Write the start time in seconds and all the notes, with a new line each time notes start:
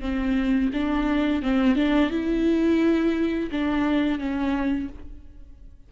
0.00 C4
0.73 D4
1.42 C4
1.75 D4
2.10 E4
3.51 D4
4.19 C#4